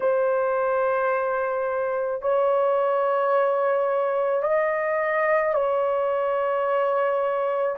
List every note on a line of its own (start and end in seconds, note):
0.00 2.21 C5
2.21 4.42 C#5
4.42 5.54 D#5
5.54 7.76 C#5